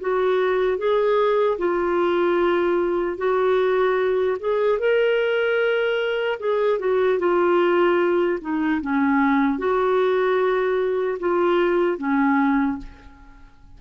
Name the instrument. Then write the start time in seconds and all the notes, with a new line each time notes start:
clarinet
0.00 F#4
0.78 G#4
1.58 F4
3.17 F#4
4.39 G#4
4.79 A#4
6.39 G#4
6.79 F#4
7.19 F4
8.41 D#4
8.81 C#4
9.58 F#4
11.19 F4
11.98 C#4